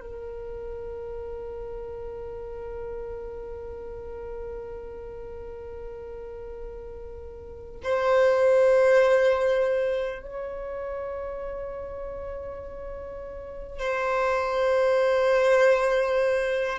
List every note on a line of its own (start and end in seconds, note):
0.00 7.80 A#4
7.83 10.22 C5
10.22 13.79 C#5
13.79 16.79 C5